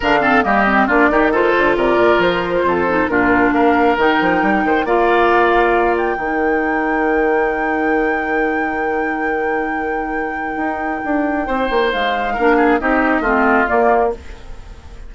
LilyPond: <<
  \new Staff \with { instrumentName = "flute" } { \time 4/4 \tempo 4 = 136 f''4 dis''4 d''4 c''4 | d''4 c''2 ais'4 | f''4 g''2 f''4~ | f''4. g''2~ g''8~ |
g''1~ | g''1~ | g''2. f''4~ | f''4 dis''2 d''4 | }
  \new Staff \with { instrumentName = "oboe" } { \time 4/4 ais'8 a'8 g'4 f'8 g'8 a'4 | ais'2 a'4 f'4 | ais'2~ ais'8 c''8 d''4~ | d''2 ais'2~ |
ais'1~ | ais'1~ | ais'2 c''2 | ais'8 gis'8 g'4 f'2 | }
  \new Staff \with { instrumentName = "clarinet" } { \time 4/4 d'8 c'8 ais8 c'8 d'8 dis'8 f'4~ | f'2~ f'8 dis'8 d'4~ | d'4 dis'2 f'4~ | f'2 dis'2~ |
dis'1~ | dis'1~ | dis'1 | d'4 dis'4 c'4 ais4 | }
  \new Staff \with { instrumentName = "bassoon" } { \time 4/4 d4 g4 ais8 dis4 d8 | c8 ais,8 f4 f,4 ais,4 | ais4 dis8 f8 g8 dis8 ais4~ | ais2 dis2~ |
dis1~ | dis1 | dis'4 d'4 c'8 ais8 gis4 | ais4 c'4 a4 ais4 | }
>>